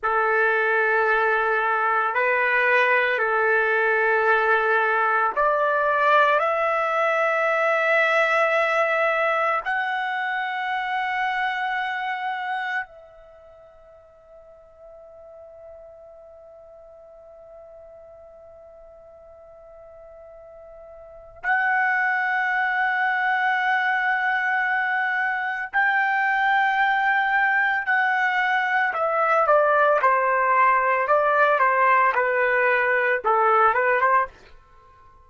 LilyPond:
\new Staff \with { instrumentName = "trumpet" } { \time 4/4 \tempo 4 = 56 a'2 b'4 a'4~ | a'4 d''4 e''2~ | e''4 fis''2. | e''1~ |
e''1 | fis''1 | g''2 fis''4 e''8 d''8 | c''4 d''8 c''8 b'4 a'8 b'16 c''16 | }